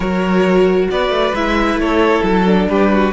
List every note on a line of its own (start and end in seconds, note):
0.00 0.88 F#3
0.00 1.34 F#4
0.00 0.89 A#4
0.00 0.90 C#5
0.90 1.09 B3
0.90 1.81 B4
0.90 1.35 D5
1.09 1.32 A3
1.34 1.74 G#3
1.34 2.45 E4
1.34 1.79 E5
1.74 2.19 A3
1.74 2.23 C#5
1.81 2.69 A4
2.23 2.68 F#3
2.23 2.67 A4
2.45 3.12 D4
2.68 3.13 G3
2.68 2.92 G4
2.68 3.13 B4
2.92 3.13 F#4